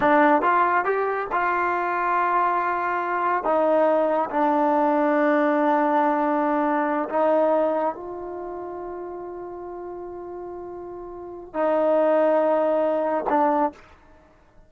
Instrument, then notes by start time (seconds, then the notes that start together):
trombone
0.00 D4
0.41 F4
0.84 G4
1.32 F4
3.44 D#4
4.30 D4
7.09 D#4
7.94 F4
11.53 D#4
13.29 D4